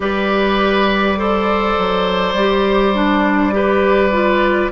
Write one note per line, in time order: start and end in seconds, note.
0.00 1.76 G3
0.00 1.16 G4
0.00 1.18 B4
0.00 4.71 D5
1.16 2.34 A4
1.16 3.54 C5
1.78 2.33 F#3
2.33 4.68 G3
2.33 2.94 G4
2.94 3.52 D4
3.52 4.11 G4
3.52 4.71 B4
4.11 4.70 F4